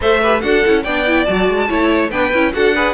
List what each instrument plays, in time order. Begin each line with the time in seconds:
0.01 cello A3, viola A4, violin C5 E5
0.21 viola G4, violin B4
0.40 cello D4, viola F#4, violin A4 F#5
0.64 cello C#4, viola E4
0.83 cello B3, viola D4, violin D5 G5
1.06 viola E4
1.25 cello F#3, viola F#4, violin A5
1.48 cello G#3
1.68 cello A3, viola E4, violin C#5
2.10 cello B3, viola D4, violin B4 G5
2.33 cello C#4, viola E4
2.53 cello D4, viola F#4, violin A4 F#5
2.74 viola G#4, violin B4